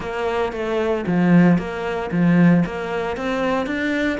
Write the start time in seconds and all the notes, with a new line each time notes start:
0.00 A#3
0.52 A3
1.06 F3
1.58 A#3
2.11 F3
2.65 A#3
3.17 C4
3.66 D4